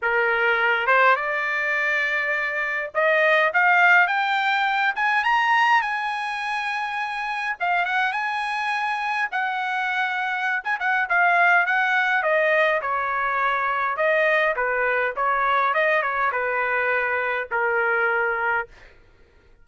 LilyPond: \new Staff \with { instrumentName = "trumpet" } { \time 4/4 \tempo 4 = 103 ais'4. c''8 d''2~ | d''4 dis''4 f''4 g''4~ | g''8 gis''8 ais''4 gis''2~ | gis''4 f''8 fis''8 gis''2 |
fis''2~ fis''16 gis''16 fis''8 f''4 | fis''4 dis''4 cis''2 | dis''4 b'4 cis''4 dis''8 cis''8 | b'2 ais'2 | }